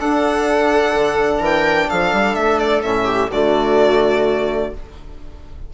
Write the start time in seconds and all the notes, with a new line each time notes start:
0.00 D4 A4 F#5
0.95 D3
1.39 E3 A#4
1.45 G5
1.89 F3 A4 F5
2.13 G3
2.35 A3 E5
2.59 D5
2.83 A2 C#4 E5
3.05 G4
3.31 D3 A3 F#4 D5